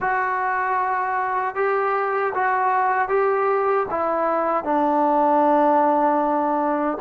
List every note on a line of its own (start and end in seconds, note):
0.00 1.55 F#4
1.55 2.33 G4
2.34 3.08 F#4
3.08 3.86 G4
3.90 4.64 E4
4.64 6.97 D4